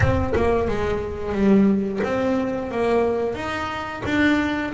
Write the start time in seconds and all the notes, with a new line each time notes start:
0.00 C4
0.35 A#3
0.67 G#3
1.32 G3
2.03 C4
2.71 A#3
3.34 D#4
4.05 D4